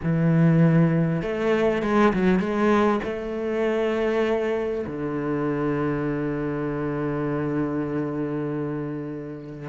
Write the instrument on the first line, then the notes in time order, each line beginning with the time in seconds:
cello
0.02 E3
1.22 A3
1.82 G#3
2.13 F#3
2.39 G#3
3.03 A3
4.86 D3